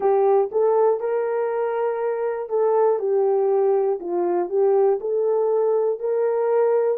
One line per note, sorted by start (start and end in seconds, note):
0.00 0.50 G4
0.51 1.00 A4
1.00 2.49 A#4
2.49 2.99 A4
2.99 3.99 G4
4.00 4.49 F4
4.49 4.99 G4
5.00 6.00 A4
6.00 6.97 A#4